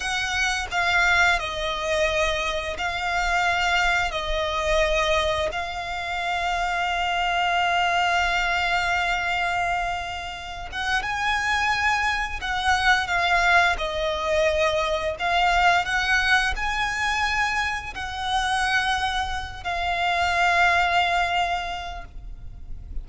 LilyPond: \new Staff \with { instrumentName = "violin" } { \time 4/4 \tempo 4 = 87 fis''4 f''4 dis''2 | f''2 dis''2 | f''1~ | f''2.~ f''8 fis''8 |
gis''2 fis''4 f''4 | dis''2 f''4 fis''4 | gis''2 fis''2~ | fis''8 f''2.~ f''8 | }